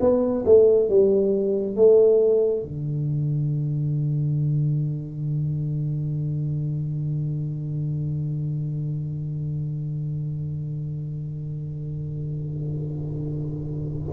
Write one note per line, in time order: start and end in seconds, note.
0.00 0.44 B3
0.45 0.89 A3
0.89 1.76 G3
1.76 2.62 A3
2.62 14.09 D3